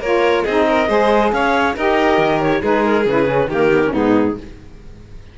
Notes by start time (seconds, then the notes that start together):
0.00 A#3 F4 A#4 C#5
0.44 C4 D#4 G#4 D#5
0.68 A#4
0.88 G#3 G#4 C5
1.32 C#4 C#5 F5
1.76 D#4 G4 A#4 D#5
2.18 D#3
2.41 C#5
2.61 G#3 D#4 G#4 B4
2.85 A#4
3.06 C#3 E4 B4
3.26 C#4
3.48 D#3 A#3 G4 A#4
3.72 B3
3.86 C#4
3.93 G#2 B3 D#4 G#4